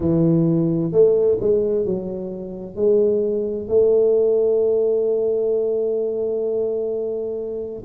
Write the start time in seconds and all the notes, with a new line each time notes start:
0.00 E3
0.91 A3
1.40 G#3
1.85 F#3
2.75 G#3
3.68 A3